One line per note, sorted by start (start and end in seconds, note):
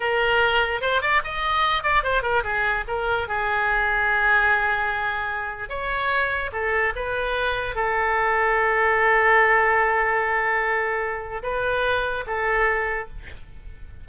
0.00 0.81 A#4
0.81 1.01 C5
1.01 1.21 D5
1.24 1.83 D#5
1.83 2.03 D5
2.03 2.22 C5
2.22 2.43 A#4
2.43 2.84 G#4
2.87 3.28 A#4
3.28 5.69 G#4
5.69 6.50 C#5
6.52 6.93 A4
6.95 7.75 B4
7.75 11.42 A4
11.42 12.24 B4
12.27 13.08 A4